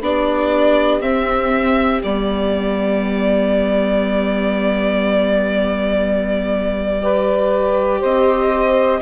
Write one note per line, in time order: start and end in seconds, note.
0.00 1.01 B3
0.00 1.01 D4
0.00 7.00 G4
0.00 1.02 D5
1.01 2.01 C4
1.01 2.02 C4
1.01 2.02 E5
2.03 8.03 G3
2.03 7.02 B3
2.03 8.03 D5
7.02 9.01 G4
7.02 8.00 B4
8.00 9.01 C4
8.00 9.00 C5
8.00 9.01 D#5